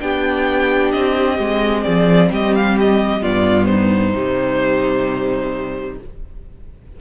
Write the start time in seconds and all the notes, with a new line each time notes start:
0.00 B3 D4 G4 G5
0.91 C4 D#5
1.39 G#3 C4
1.83 F3 G#4 D5
2.32 G3 G4 D#5
2.55 F5
2.79 D#5
3.21 G2 B3 F4 D5
3.65 D#4 C5
4.14 C3 G3